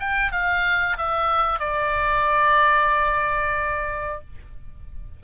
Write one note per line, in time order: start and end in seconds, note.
0.00 0.32 G5
0.32 0.98 F5
0.98 1.60 E5
1.60 4.21 D5